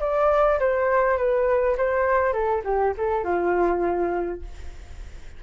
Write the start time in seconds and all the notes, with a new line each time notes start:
0.00 D5
0.59 C5
1.17 B4
1.77 C5
2.33 A4
2.64 G4
2.97 A4
3.24 F4